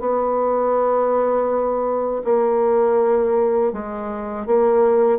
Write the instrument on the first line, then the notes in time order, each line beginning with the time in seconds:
bassoon
0.00 B3
2.24 A#3
3.72 G#3
4.46 A#3